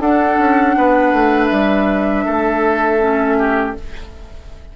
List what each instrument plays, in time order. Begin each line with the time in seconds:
0.00 bassoon D4, clarinet D4, oboe A4, flute F#5
0.38 bassoon C#4
0.78 bassoon B3, oboe B4
1.13 bassoon A3
1.46 bassoon G3, flute E5
2.25 bassoon A3, oboe A4
3.00 clarinet C#4
3.38 oboe G4